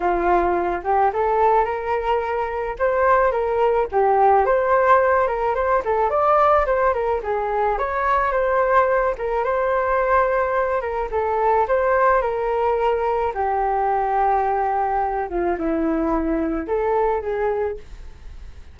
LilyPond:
\new Staff \with { instrumentName = "flute" } { \time 4/4 \tempo 4 = 108 f'4. g'8 a'4 ais'4~ | ais'4 c''4 ais'4 g'4 | c''4. ais'8 c''8 a'8 d''4 | c''8 ais'8 gis'4 cis''4 c''4~ |
c''8 ais'8 c''2~ c''8 ais'8 | a'4 c''4 ais'2 | g'2.~ g'8 f'8 | e'2 a'4 gis'4 | }